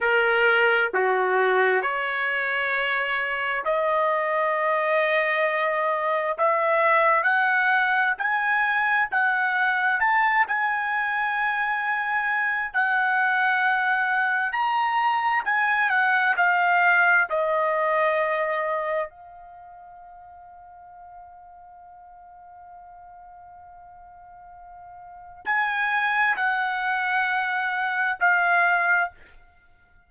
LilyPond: \new Staff \with { instrumentName = "trumpet" } { \time 4/4 \tempo 4 = 66 ais'4 fis'4 cis''2 | dis''2. e''4 | fis''4 gis''4 fis''4 a''8 gis''8~ | gis''2 fis''2 |
ais''4 gis''8 fis''8 f''4 dis''4~ | dis''4 f''2.~ | f''1 | gis''4 fis''2 f''4 | }